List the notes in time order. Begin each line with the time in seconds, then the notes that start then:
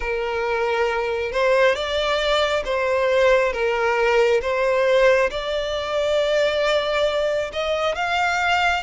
0.00 A#4
1.32 C5
1.74 D5
2.65 C5
3.52 A#4
4.41 C5
5.30 D5
7.52 D#5
7.95 F5